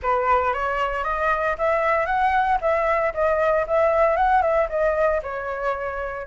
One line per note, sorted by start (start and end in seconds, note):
0.02 0.53 B4
0.53 1.04 C#5
1.04 1.56 D#5
1.58 2.06 E5
2.06 2.58 F#5
2.61 3.13 E5
3.14 3.66 D#5
3.67 4.16 E5
4.16 4.42 F#5
4.42 4.68 E5
4.69 5.21 D#5
5.22 6.27 C#5